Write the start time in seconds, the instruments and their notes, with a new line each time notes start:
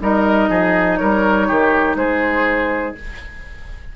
0.00 bassoon G3, clarinet D#4, oboe A#4, flute D#5
0.49 bassoon F3, oboe G#4
0.97 bassoon G3, oboe A#4, flute C#5
1.47 bassoon D#3, oboe G4
1.95 bassoon G#3, oboe G#4, flute C5